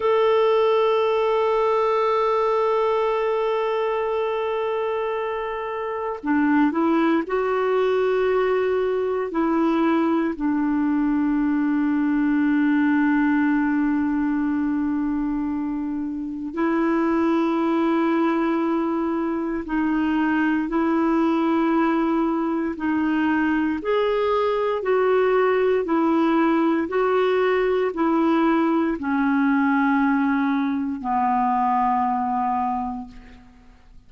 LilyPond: \new Staff \with { instrumentName = "clarinet" } { \time 4/4 \tempo 4 = 58 a'1~ | a'2 d'8 e'8 fis'4~ | fis'4 e'4 d'2~ | d'1 |
e'2. dis'4 | e'2 dis'4 gis'4 | fis'4 e'4 fis'4 e'4 | cis'2 b2 | }